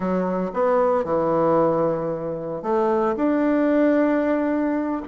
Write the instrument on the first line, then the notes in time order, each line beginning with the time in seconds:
bassoon
0.00 F#3
0.53 B3
1.04 E3
2.62 A3
3.16 D4